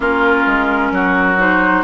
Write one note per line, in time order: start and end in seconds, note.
0.00 0.44 A#3
0.00 1.38 C#4
0.00 0.92 F4
0.00 1.40 A#4
0.46 0.91 G#3
0.91 1.83 F#3
0.91 1.84 F#4
1.38 1.84 D#4
1.38 1.84 C5